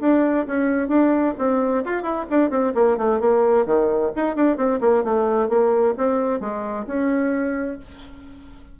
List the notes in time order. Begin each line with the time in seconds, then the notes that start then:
0.00 D4
0.46 C#4
0.88 D4
1.38 C4
1.84 F4
2.02 E4
2.30 D4
2.50 C4
2.74 A#3
2.97 A3
3.20 A#3
3.65 D#3
4.16 D#4
4.35 D4
4.57 C4
4.80 A#3
5.04 A3
5.49 A#3
5.97 C4
6.40 G#3
6.87 C#4